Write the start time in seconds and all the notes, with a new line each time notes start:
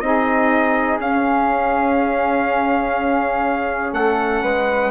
0.00 C4 D#4 G#4 D#5
0.99 C#4 F5
3.93 A3 A4 F#5
4.43 G#3 B4